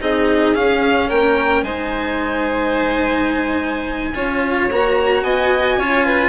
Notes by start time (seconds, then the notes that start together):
0.00 C4 D#4 G#4 D#5
0.54 C#4 F5
1.08 A#3 A#4 G5
1.62 G#3 D#4 C5 G#5
4.14 C#4 F4 C#5
4.70 A#3 F#4 A#5
5.22 B3 D#5 G#5
5.76 C#4 F4 C#5
6.05 B4